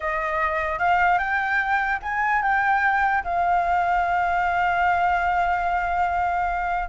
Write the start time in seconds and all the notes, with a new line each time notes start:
0.00 D#5
0.78 F5
1.18 G5
2.02 G#5
2.42 G5
3.23 F5